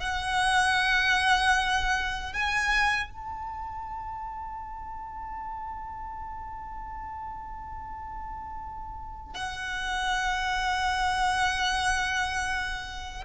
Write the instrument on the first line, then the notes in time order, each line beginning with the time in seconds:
violin
0.00 F#5
2.33 G#5
3.11 A5
9.35 F#5